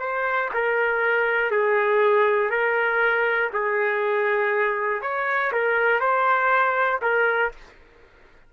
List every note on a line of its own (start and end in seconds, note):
0.00 0.50 C5
0.54 1.51 A#4
1.51 2.50 G#4
2.50 3.50 A#4
3.54 5.02 G#4
5.02 5.52 C#5
5.53 6.00 A#4
6.00 7.00 C5
7.02 7.52 A#4